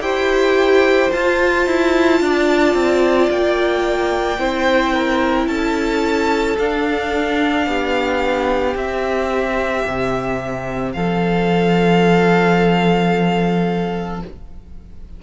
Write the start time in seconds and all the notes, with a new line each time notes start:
0.00 E4 G4 C5 G5
1.10 F4 A5
1.66 E4
2.20 D4 D5
2.74 C4
3.30 A#3 G5
4.38 C4 E4 C5
4.93 A#4
5.46 C#4 A4 A5
6.58 D4 F5
7.66 B3 G4
8.75 C4 E5
9.86 C3
10.92 F3 A4 F5